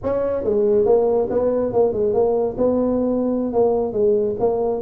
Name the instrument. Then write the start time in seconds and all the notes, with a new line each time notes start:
tuba
0.03 C#4
0.43 G#3
0.85 A#3
1.30 B3
1.72 A#3
1.92 G#3
2.13 A#3
2.57 B3
3.52 A#3
3.92 G#3
4.39 A#3